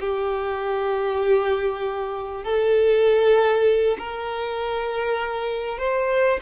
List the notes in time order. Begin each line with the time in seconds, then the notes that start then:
0.00 G4
2.44 A4
3.99 A#4
5.78 C5